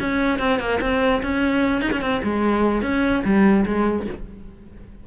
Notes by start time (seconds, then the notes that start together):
0.00 C#4
0.39 C4
0.60 A#3
0.81 C4
1.23 C#4
1.82 D#4
1.92 C#4
2.01 C4
2.24 G#3
2.83 C#4
3.25 G3
3.66 G#3